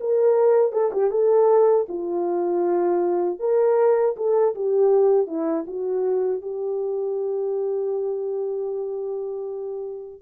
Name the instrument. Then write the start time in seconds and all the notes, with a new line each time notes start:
horn
0.00 A#4
0.72 A4
0.92 G4
1.11 A4
1.88 F4
3.39 A#4
4.17 A4
4.55 G4
5.27 E4
5.67 F#4
6.42 G4